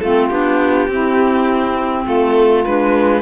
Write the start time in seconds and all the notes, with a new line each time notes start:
0.00 A3 C4 F4 A4
0.29 B3 D4 G4
0.88 C4 E4
2.04 A3 F4 A4
2.65 G#3 D4 B4